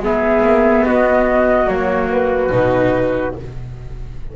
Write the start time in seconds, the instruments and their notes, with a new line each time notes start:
0.00 double bass G#3, viola B3, trumpet G#4, flute E5
0.43 double bass A#3
0.85 double bass B3, trumpet F#4, flute D#5
1.67 double bass F#3, viola A#3, flute C#5
2.11 flute B4
2.52 double bass B2, viola D#4